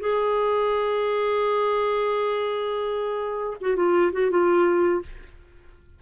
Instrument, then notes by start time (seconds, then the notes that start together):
clarinet
0.00 G#4
3.61 F#4
3.76 F4
4.12 F#4
4.30 F4